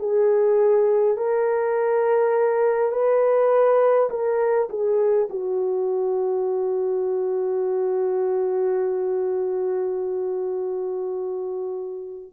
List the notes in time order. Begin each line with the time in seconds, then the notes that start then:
0.00 G#4
1.17 A#4
2.93 B4
4.10 A#4
4.70 G#4
5.30 F#4